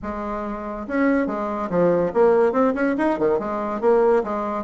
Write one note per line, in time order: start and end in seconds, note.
0.02 0.86 G#3
0.87 1.26 C#4
1.26 1.69 G#3
1.70 2.12 F3
2.13 2.52 A#3
2.52 2.73 C4
2.74 2.95 C#4
2.97 3.18 D#4
3.18 3.39 D#3
3.39 3.80 G#3
3.80 4.23 A#3
4.23 4.64 G#3